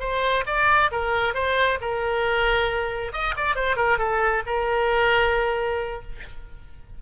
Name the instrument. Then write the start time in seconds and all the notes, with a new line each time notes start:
oboe
0.00 C5
0.46 D5
0.92 A#4
1.34 C5
1.81 A#4
3.13 D#5
3.37 D5
3.55 C5
3.76 A#4
3.98 A4
4.46 A#4